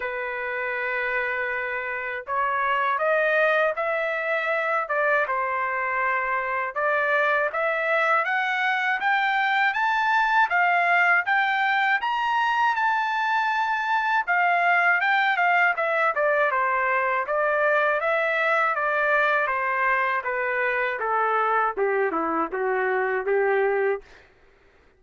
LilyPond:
\new Staff \with { instrumentName = "trumpet" } { \time 4/4 \tempo 4 = 80 b'2. cis''4 | dis''4 e''4. d''8 c''4~ | c''4 d''4 e''4 fis''4 | g''4 a''4 f''4 g''4 |
ais''4 a''2 f''4 | g''8 f''8 e''8 d''8 c''4 d''4 | e''4 d''4 c''4 b'4 | a'4 g'8 e'8 fis'4 g'4 | }